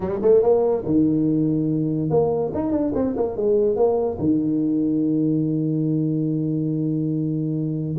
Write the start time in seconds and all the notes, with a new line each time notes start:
0.00 G3
0.22 A3
0.42 A#3
0.85 D#3
2.10 A#3
2.54 D#4
2.71 D4
2.94 C4
3.16 A#3
3.36 G#3
3.76 A#3
4.18 D#3